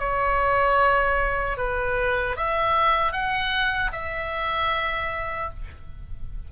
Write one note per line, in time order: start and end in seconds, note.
0.00 1.58 C#5
1.58 2.37 B4
2.37 3.13 E5
3.13 3.92 F#5
3.93 5.50 E5